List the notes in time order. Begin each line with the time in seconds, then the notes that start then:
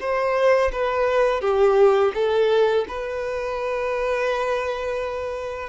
0.00 C5
0.72 B4
1.41 G4
2.14 A4
2.88 B4